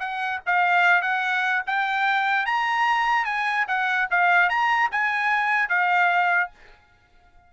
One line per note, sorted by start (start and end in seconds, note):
0.00 0.41 F#5
0.46 1.02 F5
1.02 1.63 F#5
1.67 2.46 G5
2.46 3.25 A#5
3.25 3.66 G#5
3.68 4.09 F#5
4.11 4.50 F5
4.50 4.90 A#5
4.92 5.69 G#5
5.69 6.50 F5